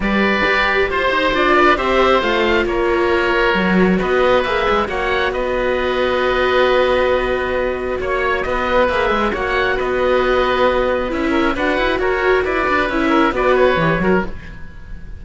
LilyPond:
<<
  \new Staff \with { instrumentName = "oboe" } { \time 4/4 \tempo 4 = 135 d''2 c''4 d''4 | e''4 f''4 cis''2~ | cis''4 dis''4 e''4 fis''4 | dis''1~ |
dis''2 cis''4 dis''4 | e''4 fis''4 dis''2~ | dis''4 e''4 fis''4 cis''4 | d''4 e''4 d''8 cis''4. | }
  \new Staff \with { instrumentName = "oboe" } { \time 4/4 b'2 c''4. b'8 | c''2 ais'2~ | ais'4 b'2 cis''4 | b'1~ |
b'2 cis''4 b'4~ | b'4 cis''4 b'2~ | b'4. ais'8 b'4 ais'4 | b'4. ais'8 b'4. ais'8 | }
  \new Staff \with { instrumentName = "viola" } { \time 4/4 g'2. f'4 | g'4 f'2. | fis'2 gis'4 fis'4~ | fis'1~ |
fis'1 | gis'4 fis'2.~ | fis'4 e'4 fis'2~ | fis'4 e'4 fis'4 g'8 fis'8 | }
  \new Staff \with { instrumentName = "cello" } { \time 4/4 g4 g'4 f'8 dis'8 d'4 | c'4 a4 ais2 | fis4 b4 ais8 gis8 ais4 | b1~ |
b2 ais4 b4 | ais8 gis8 ais4 b2~ | b4 cis'4 d'8 e'8 fis'4 | e'8 d'8 cis'4 b4 e8 fis8 | }
>>